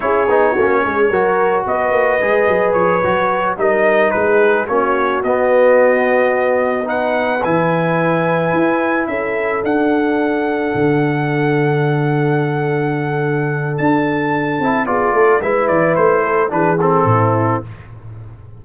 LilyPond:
<<
  \new Staff \with { instrumentName = "trumpet" } { \time 4/4 \tempo 4 = 109 cis''2. dis''4~ | dis''4 cis''4. dis''4 b'8~ | b'8 cis''4 dis''2~ dis''8~ | dis''8 fis''4 gis''2~ gis''8~ |
gis''8 e''4 fis''2~ fis''8~ | fis''1~ | fis''4 a''2 d''4 | e''8 d''8 c''4 b'8 a'4. | }
  \new Staff \with { instrumentName = "horn" } { \time 4/4 gis'4 fis'8 gis'8 ais'4 b'4~ | b'2~ b'8 ais'4 gis'8~ | gis'8 fis'2.~ fis'8~ | fis'8 b'2.~ b'8~ |
b'8 a'2.~ a'8~ | a'1~ | a'2. gis'8 a'8 | b'4. a'8 gis'4 e'4 | }
  \new Staff \with { instrumentName = "trombone" } { \time 4/4 e'8 dis'8 cis'4 fis'2 | gis'4. fis'4 dis'4.~ | dis'8 cis'4 b2~ b8~ | b8 dis'4 e'2~ e'8~ |
e'4. d'2~ d'8~ | d'1~ | d'2~ d'8 e'8 f'4 | e'2 d'8 c'4. | }
  \new Staff \with { instrumentName = "tuba" } { \time 4/4 cis'8 b8 ais8 gis8 fis4 b8 ais8 | gis8 fis8 f8 fis4 g4 gis8~ | gis8 ais4 b2~ b8~ | b4. e2 e'8~ |
e'8 cis'4 d'2 d8~ | d1~ | d4 d'4. c'8 b8 a8 | gis8 e8 a4 e4 a,4 | }
>>